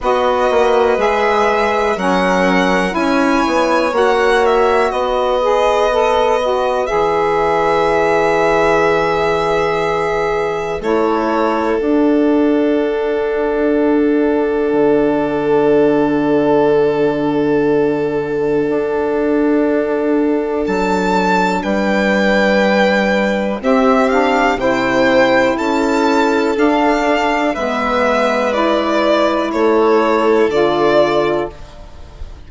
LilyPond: <<
  \new Staff \with { instrumentName = "violin" } { \time 4/4 \tempo 4 = 61 dis''4 e''4 fis''4 gis''4 | fis''8 e''8 dis''2 e''4~ | e''2. cis''4 | fis''1~ |
fis''1~ | fis''4 a''4 g''2 | e''8 f''8 g''4 a''4 f''4 | e''4 d''4 cis''4 d''4 | }
  \new Staff \with { instrumentName = "violin" } { \time 4/4 b'2 ais'4 cis''4~ | cis''4 b'2.~ | b'2. a'4~ | a'1~ |
a'1~ | a'2 b'2 | g'4 c''4 a'2 | b'2 a'2 | }
  \new Staff \with { instrumentName = "saxophone" } { \time 4/4 fis'4 gis'4 cis'4 e'4 | fis'4. gis'8 a'8 fis'8 gis'4~ | gis'2. e'4 | d'1~ |
d'1~ | d'1 | c'8 d'8 e'2 d'4 | b4 e'2 f'4 | }
  \new Staff \with { instrumentName = "bassoon" } { \time 4/4 b8 ais8 gis4 fis4 cis'8 b8 | ais4 b2 e4~ | e2. a4 | d'2. d4~ |
d2. d'4~ | d'4 fis4 g2 | c'4 c4 cis'4 d'4 | gis2 a4 d4 | }
>>